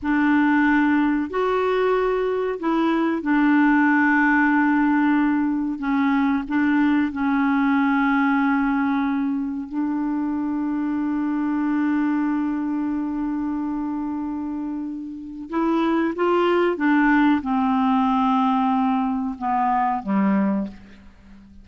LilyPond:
\new Staff \with { instrumentName = "clarinet" } { \time 4/4 \tempo 4 = 93 d'2 fis'2 | e'4 d'2.~ | d'4 cis'4 d'4 cis'4~ | cis'2. d'4~ |
d'1~ | d'1 | e'4 f'4 d'4 c'4~ | c'2 b4 g4 | }